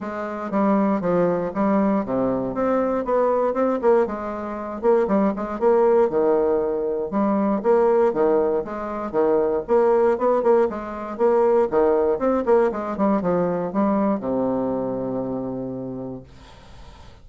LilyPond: \new Staff \with { instrumentName = "bassoon" } { \time 4/4 \tempo 4 = 118 gis4 g4 f4 g4 | c4 c'4 b4 c'8 ais8 | gis4. ais8 g8 gis8 ais4 | dis2 g4 ais4 |
dis4 gis4 dis4 ais4 | b8 ais8 gis4 ais4 dis4 | c'8 ais8 gis8 g8 f4 g4 | c1 | }